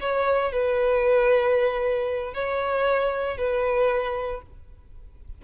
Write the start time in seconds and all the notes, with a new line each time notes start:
0.00 C#5
0.52 B4
2.33 C#5
3.37 B4